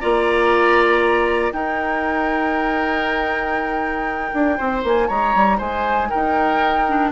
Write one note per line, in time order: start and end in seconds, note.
0.00 1.52 A#3
0.00 1.52 F4
0.00 1.53 D5
0.00 1.53 A#5
1.52 6.86 D#4
1.52 4.32 D#4
1.52 4.58 A#4
1.52 4.83 G5
4.34 4.59 D4
4.58 4.84 C4
4.58 5.08 C5
4.84 5.09 A#3
4.84 5.08 G#5
5.08 5.35 G#3
5.08 5.58 C#5
5.08 5.59 A#5
5.35 5.60 G3
5.58 6.11 G#3
5.58 6.09 C5
5.58 6.10 G#5
6.10 7.12 D#4
6.10 7.12 A#4
6.10 7.12 G5
6.88 7.12 D4